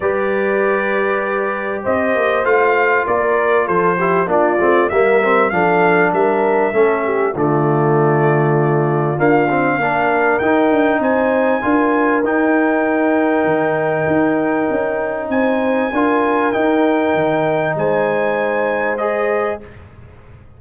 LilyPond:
<<
  \new Staff \with { instrumentName = "trumpet" } { \time 4/4 \tempo 4 = 98 d''2. dis''4 | f''4 d''4 c''4 d''4 | e''4 f''4 e''2 | d''2. f''4~ |
f''4 g''4 gis''2 | g''1~ | g''4 gis''2 g''4~ | g''4 gis''2 dis''4 | }
  \new Staff \with { instrumentName = "horn" } { \time 4/4 b'2. c''4~ | c''4 ais'4 a'8 g'8 f'4 | ais'4 a'4 ais'4 a'8 g'8 | f'1 |
ais'2 c''4 ais'4~ | ais'1~ | ais'4 c''4 ais'2~ | ais'4 c''2. | }
  \new Staff \with { instrumentName = "trombone" } { \time 4/4 g'1 | f'2~ f'8 e'8 d'8 c'8 | ais8 c'8 d'2 cis'4 | a2. ais8 c'8 |
d'4 dis'2 f'4 | dis'1~ | dis'2 f'4 dis'4~ | dis'2. gis'4 | }
  \new Staff \with { instrumentName = "tuba" } { \time 4/4 g2. c'8 ais8 | a4 ais4 f4 ais8 a8 | g4 f4 g4 a4 | d2. d'4 |
ais4 dis'8 d'8 c'4 d'4 | dis'2 dis4 dis'4 | cis'4 c'4 d'4 dis'4 | dis4 gis2. | }
>>